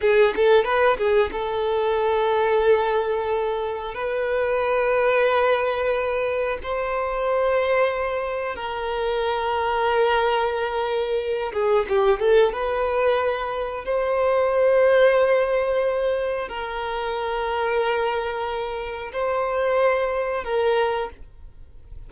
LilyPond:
\new Staff \with { instrumentName = "violin" } { \time 4/4 \tempo 4 = 91 gis'8 a'8 b'8 gis'8 a'2~ | a'2 b'2~ | b'2 c''2~ | c''4 ais'2.~ |
ais'4. gis'8 g'8 a'8 b'4~ | b'4 c''2.~ | c''4 ais'2.~ | ais'4 c''2 ais'4 | }